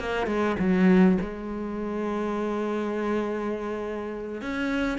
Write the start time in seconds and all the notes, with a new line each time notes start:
0.00 A#3
0.27 G#3
0.60 F#3
1.21 G#3
4.42 C#4